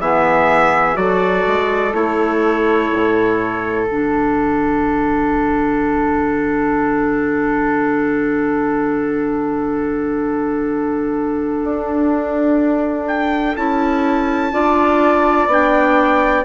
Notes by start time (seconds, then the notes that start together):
0.00 E3 B3 G#4 E5
0.94 F#3 F#4 A4 D5
1.48 G#3
1.94 A3 E4 C#5
2.93 A2
3.87 D3 D4 F#5
11.64 D4
13.08 G5
13.57 C#4 E4 A5
14.52 D4 F4 D5
15.47 B3 D4 G5